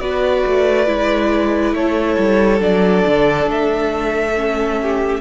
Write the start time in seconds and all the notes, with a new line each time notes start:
0.00 B3 F#4 B4 D5
0.46 A3
0.86 G#3 E4
1.73 A3 A4 C#5
2.18 G3
2.59 F#3 D4 D5
3.07 D3
3.47 A3 E5
4.36 C#4
4.83 G4